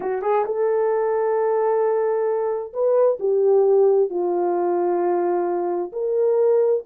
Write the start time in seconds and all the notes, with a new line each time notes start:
0.00 F#4
0.21 G#4
0.45 A4
2.73 B4
3.19 G4
4.10 F4
5.92 A#4